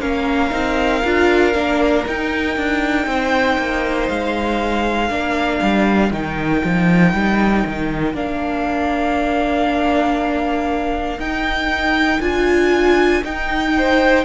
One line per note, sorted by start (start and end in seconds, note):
0.00 0.51 A#3
0.00 0.50 C#4
0.00 3.06 A#4
0.00 2.04 F5
0.50 1.02 C4
0.50 1.01 D#4
1.04 1.54 D4
1.04 1.53 F4
1.53 2.05 A#3
1.53 2.04 D4
2.07 2.57 D#4
2.07 5.09 D#4
2.07 4.08 G5
2.57 3.06 D4
3.06 3.57 C4
3.06 5.08 C5
3.57 4.08 A#3
4.08 5.10 G#3
4.08 6.12 F5
5.08 5.60 A#3
5.08 6.11 D4
5.08 13.72 A#4
5.61 6.11 G3
6.11 6.61 D#3
6.11 8.14 D#4
6.11 8.15 G5
6.64 7.13 F3
7.13 7.64 G3
7.66 8.14 D#3
8.14 11.17 A#3
8.14 11.19 D4
8.14 11.19 F5
11.17 12.19 D#4
11.17 12.21 D#4
11.17 12.21 G5
12.20 13.22 D4
12.20 13.22 F4
12.20 13.23 G#5
13.23 14.25 D#4
13.23 14.25 G5
13.77 14.25 C5